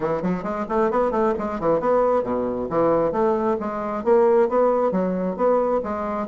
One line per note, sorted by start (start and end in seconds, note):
0.00 0.22 E3
0.22 0.43 F#3
0.43 0.65 G#3
0.68 0.90 A3
0.90 1.11 B3
1.11 1.33 A3
1.38 1.59 G#3
1.59 1.80 E3
1.80 2.23 B3
2.23 2.68 B2
2.69 3.12 E3
3.12 3.56 A3
3.60 4.04 G#3
4.04 4.48 A#3
4.48 4.91 B3
4.91 5.36 F#3
5.36 5.81 B3
5.83 6.27 G#3